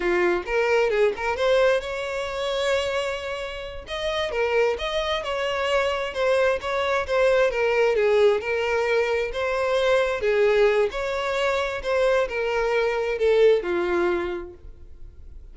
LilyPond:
\new Staff \with { instrumentName = "violin" } { \time 4/4 \tempo 4 = 132 f'4 ais'4 gis'8 ais'8 c''4 | cis''1~ | cis''8 dis''4 ais'4 dis''4 cis''8~ | cis''4. c''4 cis''4 c''8~ |
c''8 ais'4 gis'4 ais'4.~ | ais'8 c''2 gis'4. | cis''2 c''4 ais'4~ | ais'4 a'4 f'2 | }